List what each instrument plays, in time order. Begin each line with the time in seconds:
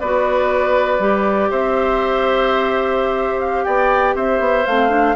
0.00 bassoon B3, clarinet F#4, oboe B4, flute D5
0.99 bassoon G3, clarinet G4
1.51 bassoon C4, oboe C5, flute E5
3.40 flute F5
3.64 bassoon B3, oboe D5, flute G5
4.15 bassoon C4, oboe C5, flute E5
4.40 bassoon B3
4.67 bassoon A3, clarinet C4, flute F5
4.89 clarinet D4